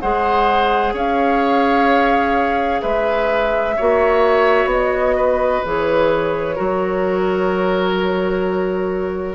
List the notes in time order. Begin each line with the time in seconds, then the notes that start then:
0.00 G#3 G#4 C5 F#5
0.93 C#4 C#5 F5
2.81 G#3 B4 E5
3.77 A#3 F#4 C#5
4.65 B3 D#5
5.16 B4
5.64 E3 G#4 C#5
6.55 F#3 F#4 A#4